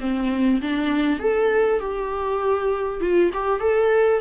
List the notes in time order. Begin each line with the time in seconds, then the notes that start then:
0.00 C4
0.61 D4
1.19 A4
1.80 G4
3.00 F4
3.33 G4
3.60 A4